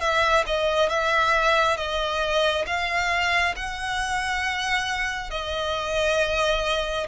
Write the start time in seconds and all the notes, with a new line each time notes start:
0.00 E5
0.46 D#5
0.89 E5
1.77 D#5
2.66 F5
3.56 F#5
5.30 D#5